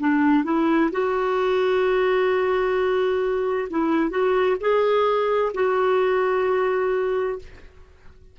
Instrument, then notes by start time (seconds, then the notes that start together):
clarinet
0.00 D4
0.44 E4
0.92 F#4
3.70 E4
4.11 F#4
4.61 G#4
5.55 F#4